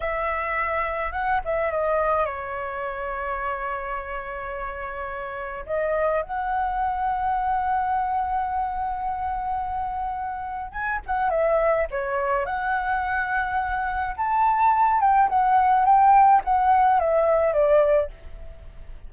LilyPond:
\new Staff \with { instrumentName = "flute" } { \time 4/4 \tempo 4 = 106 e''2 fis''8 e''8 dis''4 | cis''1~ | cis''2 dis''4 fis''4~ | fis''1~ |
fis''2. gis''8 fis''8 | e''4 cis''4 fis''2~ | fis''4 a''4. g''8 fis''4 | g''4 fis''4 e''4 d''4 | }